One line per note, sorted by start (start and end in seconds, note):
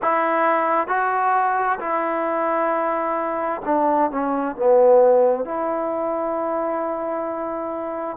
0.02 0.87 E4
0.87 1.78 F#4
1.79 3.61 E4
3.65 4.10 D4
4.10 4.56 C#4
4.56 5.45 B3
5.45 8.17 E4